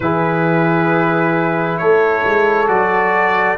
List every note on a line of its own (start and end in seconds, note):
0.00 1.79 E3
0.00 2.67 E4
0.00 1.80 G#4
0.00 1.78 B4
1.78 2.24 A3
1.78 3.57 A4
1.78 2.67 C#5
2.25 2.68 G#3
2.67 3.57 F#3
2.67 3.56 F#4
2.67 3.57 D5